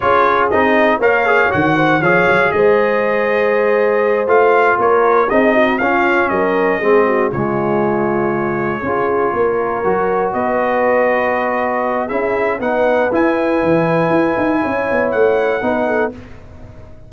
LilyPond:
<<
  \new Staff \with { instrumentName = "trumpet" } { \time 4/4 \tempo 4 = 119 cis''4 dis''4 f''4 fis''4 | f''4 dis''2.~ | dis''8 f''4 cis''4 dis''4 f''8~ | f''8 dis''2 cis''4.~ |
cis''1~ | cis''8 dis''2.~ dis''8 | e''4 fis''4 gis''2~ | gis''2 fis''2 | }
  \new Staff \with { instrumentName = "horn" } { \time 4/4 gis'2 cis''4. c''8 | cis''4 c''2.~ | c''4. ais'4 gis'8 fis'8 f'8~ | f'8 ais'4 gis'8 fis'8 f'4.~ |
f'4. gis'4 ais'4.~ | ais'8 b'2.~ b'8 | gis'4 b'2.~ | b'4 cis''2 b'8 a'8 | }
  \new Staff \with { instrumentName = "trombone" } { \time 4/4 f'4 dis'4 ais'8 gis'8 fis'4 | gis'1~ | gis'8 f'2 dis'4 cis'8~ | cis'4. c'4 gis4.~ |
gis4. f'2 fis'8~ | fis'1 | e'4 dis'4 e'2~ | e'2. dis'4 | }
  \new Staff \with { instrumentName = "tuba" } { \time 4/4 cis'4 c'4 ais4 dis4 | f8 fis8 gis2.~ | gis8 a4 ais4 c'4 cis'8~ | cis'8 fis4 gis4 cis4.~ |
cis4. cis'4 ais4 fis8~ | fis8 b2.~ b8 | cis'4 b4 e'4 e4 | e'8 dis'8 cis'8 b8 a4 b4 | }
>>